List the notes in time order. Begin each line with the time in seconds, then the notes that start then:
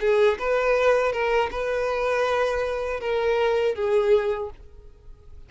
0.00 G#4
0.38 B4
1.12 A#4
1.51 B4
3.00 A#4
3.75 G#4